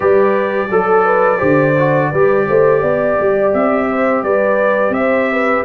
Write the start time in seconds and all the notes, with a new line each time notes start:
0.00 G3 G4 B4 D5
0.70 F#3 A4
1.05 B4
1.38 D3 G4 C5
1.78 F#4
2.10 G3 G4 B4
2.48 A3 C5
2.80 B3 D5
3.19 G3
3.53 C4 E5
3.89 C5
4.22 G3 B4 D5
4.89 C4 E5
4.97 C5
5.32 B4